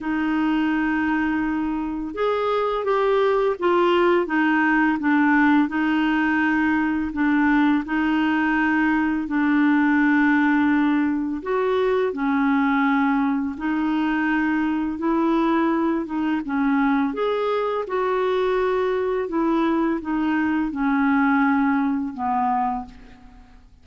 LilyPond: \new Staff \with { instrumentName = "clarinet" } { \time 4/4 \tempo 4 = 84 dis'2. gis'4 | g'4 f'4 dis'4 d'4 | dis'2 d'4 dis'4~ | dis'4 d'2. |
fis'4 cis'2 dis'4~ | dis'4 e'4. dis'8 cis'4 | gis'4 fis'2 e'4 | dis'4 cis'2 b4 | }